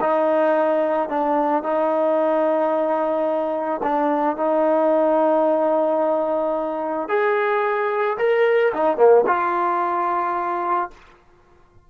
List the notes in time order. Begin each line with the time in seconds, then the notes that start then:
0.00 D#4
1.08 D4
1.63 D#4
3.83 D4
4.36 D#4
7.08 G#4
8.17 A#4
8.73 D#4
8.97 A#3
9.26 F4